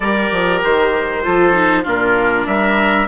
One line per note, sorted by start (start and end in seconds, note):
0.00 0.30 G3
0.00 1.23 G4
0.00 1.22 A#4
0.00 0.62 D5
0.31 0.62 F3
0.63 1.25 D#3
0.63 1.87 C5
1.23 1.86 F3
1.23 1.52 F4
1.23 1.83 A4
1.52 1.83 D#4
1.83 2.46 A#2
1.83 3.07 D4
1.83 2.45 F4
1.83 2.46 A#4
2.46 3.08 G3
2.46 3.08 A#4
2.46 3.08 E5